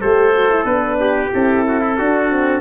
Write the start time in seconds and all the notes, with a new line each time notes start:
0.00 A3 G4 A4 C5
0.34 F#4
0.49 E4
0.64 B3 D4 B4
1.00 G4
1.32 C4 E4 A4
1.67 F#4
1.80 E4
1.98 D4 F#4
2.29 C4